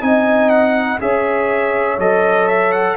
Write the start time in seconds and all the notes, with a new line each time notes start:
0.00 C4 D#4 D#5 G#5
0.49 F#5
0.99 C#4 G#4 C#5 E5
1.98 F#3 A4 D#5
2.48 E5
2.71 F#5